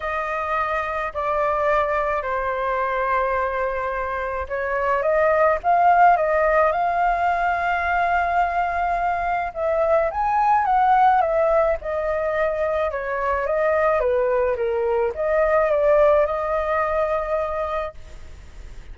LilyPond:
\new Staff \with { instrumentName = "flute" } { \time 4/4 \tempo 4 = 107 dis''2 d''2 | c''1 | cis''4 dis''4 f''4 dis''4 | f''1~ |
f''4 e''4 gis''4 fis''4 | e''4 dis''2 cis''4 | dis''4 b'4 ais'4 dis''4 | d''4 dis''2. | }